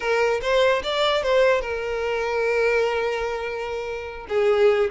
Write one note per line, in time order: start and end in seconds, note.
0.00 0.40 A#4
0.41 0.82 C5
0.83 1.22 D5
1.22 1.61 C5
1.61 4.26 A#4
4.29 4.90 G#4